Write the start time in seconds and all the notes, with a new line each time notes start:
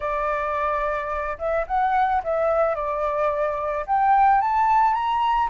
0.00 D5
1.38 E5
1.67 F#5
2.23 E5
2.75 D5
3.86 G5
4.41 A5
4.93 A#5